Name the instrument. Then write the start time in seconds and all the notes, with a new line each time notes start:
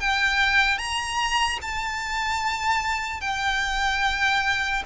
violin
0.00 G5
0.78 A#5
1.62 A5
3.21 G5